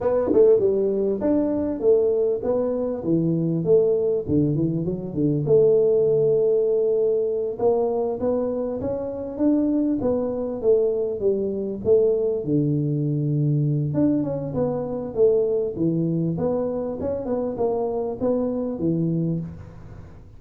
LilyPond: \new Staff \with { instrumentName = "tuba" } { \time 4/4 \tempo 4 = 99 b8 a8 g4 d'4 a4 | b4 e4 a4 d8 e8 | fis8 d8 a2.~ | a8 ais4 b4 cis'4 d'8~ |
d'8 b4 a4 g4 a8~ | a8 d2~ d8 d'8 cis'8 | b4 a4 e4 b4 | cis'8 b8 ais4 b4 e4 | }